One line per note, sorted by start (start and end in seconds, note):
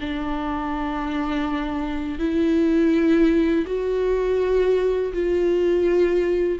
0.00 2.19 D4
2.19 3.65 E4
3.66 5.13 F#4
5.13 6.59 F4